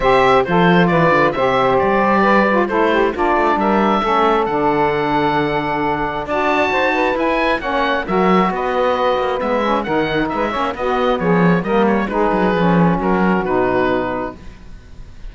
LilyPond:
<<
  \new Staff \with { instrumentName = "oboe" } { \time 4/4 \tempo 4 = 134 e''4 c''4 d''4 e''4 | d''2 c''4 d''4 | e''2 fis''2~ | fis''2 a''2 |
gis''4 fis''4 e''4 dis''4~ | dis''4 e''4 fis''4 e''4 | dis''4 cis''4 dis''8 cis''8 b'4~ | b'4 ais'4 b'2 | }
  \new Staff \with { instrumentName = "saxophone" } { \time 4/4 c''4 a'4 b'4 c''4~ | c''4 b'4 a'8 g'8 f'4 | ais'4 a'2.~ | a'2 d''4 c''8 b'8~ |
b'4 cis''4 ais'4 b'4~ | b'2 ais'4 b'8 cis''8 | fis'4 gis'4 ais'4 gis'4~ | gis'4 fis'2. | }
  \new Staff \with { instrumentName = "saxophone" } { \time 4/4 g'4 f'2 g'4~ | g'4. f'8 e'4 d'4~ | d'4 cis'4 d'2~ | d'2 fis'2 |
e'4 cis'4 fis'2~ | fis'4 b8 cis'8 dis'4. cis'8 | b2 ais4 dis'4 | cis'2 dis'2 | }
  \new Staff \with { instrumentName = "cello" } { \time 4/4 c4 f4 e8 d8 c4 | g2 a4 ais8 a8 | g4 a4 d2~ | d2 d'4 dis'4 |
e'4 ais4 fis4 b4~ | b8 ais8 gis4 dis4 gis8 ais8 | b4 f4 g4 gis8 fis8 | f4 fis4 b,2 | }
>>